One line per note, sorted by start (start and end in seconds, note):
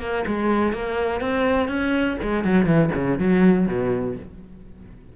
0.00 0.24 A#3
0.27 0.73 G#3
0.73 1.21 A#3
1.21 1.68 C4
1.68 2.17 C#4
2.22 2.44 G#3
2.44 2.66 F#3
2.66 2.90 E3
2.95 3.18 C#3
3.18 3.67 F#3
3.67 4.16 B2